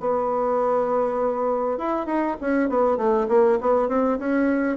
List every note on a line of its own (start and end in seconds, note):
0.00 1.78 B3
1.78 2.06 E4
2.06 2.36 D#4
2.41 2.69 C#4
2.69 2.97 B3
2.97 3.27 A3
3.28 3.58 A#3
3.61 3.88 B3
3.88 4.18 C4
4.19 4.77 C#4